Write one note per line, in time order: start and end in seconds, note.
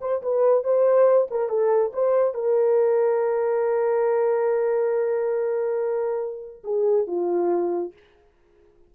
0.00 0.21 C5
0.22 0.63 B4
0.63 1.28 C5
1.30 1.49 A#4
1.49 1.91 A4
1.93 2.34 C5
2.34 6.63 A#4
6.64 7.07 G#4
7.07 7.92 F4